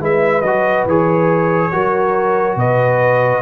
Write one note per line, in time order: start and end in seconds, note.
0.00 0.42 G#3
0.00 0.43 E4
0.00 1.72 B4
0.00 0.42 E5
0.42 0.85 F#3
0.42 0.89 F#4
0.42 0.84 D#5
0.86 1.72 E3
0.86 1.72 G#4
0.86 2.58 C#5
1.72 2.56 F#3
1.72 3.42 F#4
1.72 2.58 A#4
2.56 3.42 B2
2.56 3.42 B4
2.56 3.42 D#5